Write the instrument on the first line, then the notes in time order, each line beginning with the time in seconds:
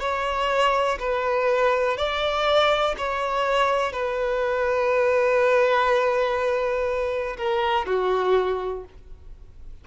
violin
0.00 C#5
1.00 B4
1.97 D5
2.98 C#5
3.93 B4
7.38 A#4
7.86 F#4